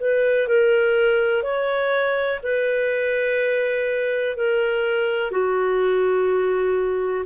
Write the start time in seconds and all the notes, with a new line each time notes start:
0.00 B4
0.48 A#4
1.43 C#5
2.43 B4
4.36 A#4
5.31 F#4